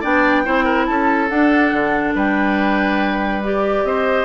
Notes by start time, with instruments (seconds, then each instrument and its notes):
0.00 bassoon B3, clarinet D4, oboe D5, flute G5
0.44 bassoon C4, clarinet E4, oboe C5
0.64 oboe A#4
0.85 bassoon C#4, oboe A4, flute A5
1.28 bassoon D4, clarinet D4, flute F#5
1.72 bassoon D3
2.14 bassoon G3, oboe B4, flute G5
3.43 clarinet G4, flute D5
3.83 bassoon C4, oboe C5, flute D#5